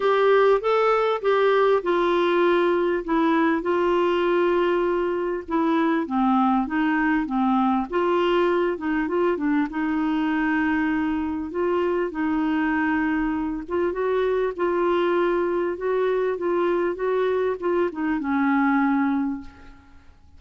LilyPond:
\new Staff \with { instrumentName = "clarinet" } { \time 4/4 \tempo 4 = 99 g'4 a'4 g'4 f'4~ | f'4 e'4 f'2~ | f'4 e'4 c'4 dis'4 | c'4 f'4. dis'8 f'8 d'8 |
dis'2. f'4 | dis'2~ dis'8 f'8 fis'4 | f'2 fis'4 f'4 | fis'4 f'8 dis'8 cis'2 | }